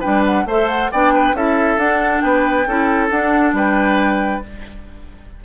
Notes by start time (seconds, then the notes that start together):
0.00 G3 D4 B4 G5
0.25 F#5
0.45 A3 A4 C5 E5
0.69 F#5
0.92 B3 D4 D5 G5
1.14 B4
1.33 C#4 E4 A4 E5
1.77 D4 F#5
2.21 B3 B4 G5
2.66 C#4 E4 A4
3.10 D4 F#5
3.53 G3 B4 G5